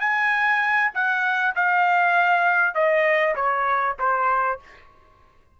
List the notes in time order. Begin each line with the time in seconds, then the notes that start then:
0.00 G#5
0.94 F#5
1.55 F5
2.74 D#5
3.35 C#5
3.99 C5